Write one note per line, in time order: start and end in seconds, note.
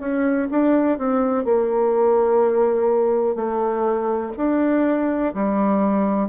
0.00 0.48 C#4
0.51 0.99 D4
0.99 1.45 C4
1.45 3.36 A#3
3.36 4.32 A3
4.37 5.34 D4
5.34 6.29 G3